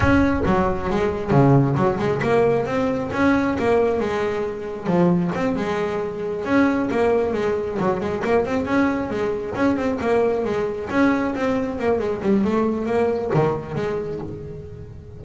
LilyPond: \new Staff \with { instrumentName = "double bass" } { \time 4/4 \tempo 4 = 135 cis'4 fis4 gis4 cis4 | fis8 gis8 ais4 c'4 cis'4 | ais4 gis2 f4 | c'8 gis2 cis'4 ais8~ |
ais8 gis4 fis8 gis8 ais8 c'8 cis'8~ | cis'8 gis4 cis'8 c'8 ais4 gis8~ | gis8 cis'4 c'4 ais8 gis8 g8 | a4 ais4 dis4 gis4 | }